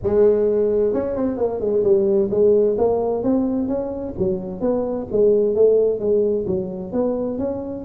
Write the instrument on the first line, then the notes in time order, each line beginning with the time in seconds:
tuba
0.02 G#3
0.93 C#4
1.16 C4
1.37 A#3
1.60 G#3
1.83 G3
2.30 G#3
2.78 A#3
3.23 C4
3.67 C#4
4.18 F#3
4.60 B3
5.11 G#3
5.55 A3
5.99 G#3
6.46 F#3
6.92 B3
7.38 C#4